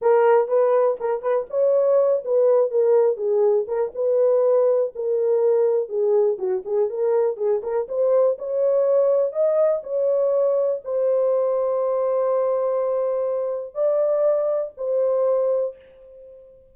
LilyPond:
\new Staff \with { instrumentName = "horn" } { \time 4/4 \tempo 4 = 122 ais'4 b'4 ais'8 b'8 cis''4~ | cis''8 b'4 ais'4 gis'4 ais'8 | b'2 ais'2 | gis'4 fis'8 gis'8 ais'4 gis'8 ais'8 |
c''4 cis''2 dis''4 | cis''2 c''2~ | c''1 | d''2 c''2 | }